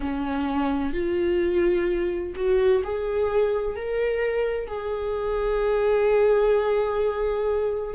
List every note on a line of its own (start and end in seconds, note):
0.00 0.93 C#4
0.93 2.34 F4
2.35 2.82 F#4
2.84 3.76 G#4
3.76 4.67 A#4
4.67 7.94 G#4